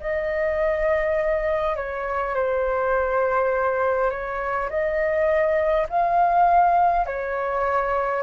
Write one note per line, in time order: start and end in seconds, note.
0.00 1.76 D#5
1.76 2.35 C#5
2.35 4.11 C5
4.11 4.70 C#5
4.70 5.87 D#5
5.89 7.06 F5
7.06 8.22 C#5